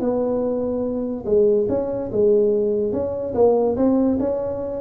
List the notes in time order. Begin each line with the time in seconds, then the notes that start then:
0.00 B3
1.26 G#3
1.69 C#4
2.12 G#3
2.92 C#4
3.34 A#3
3.76 C4
4.20 C#4